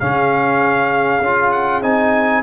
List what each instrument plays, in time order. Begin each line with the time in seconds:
0.00 tuba C#3, trombone C#4, horn G#4, trumpet F5
1.21 tuba C#4, trombone F4
1.52 trumpet F#5
1.82 tuba C4, trombone D#4, trumpet G#5